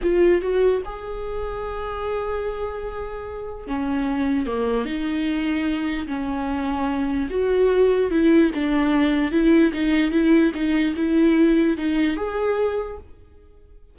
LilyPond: \new Staff \with { instrumentName = "viola" } { \time 4/4 \tempo 4 = 148 f'4 fis'4 gis'2~ | gis'1~ | gis'4 cis'2 ais4 | dis'2. cis'4~ |
cis'2 fis'2 | e'4 d'2 e'4 | dis'4 e'4 dis'4 e'4~ | e'4 dis'4 gis'2 | }